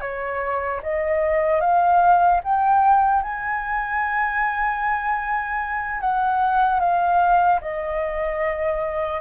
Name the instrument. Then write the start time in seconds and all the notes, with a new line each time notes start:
flute
0.00 C#5
0.82 D#5
1.60 F5
2.44 G5
3.22 G#5
6.00 F#5
6.80 F5
7.61 D#5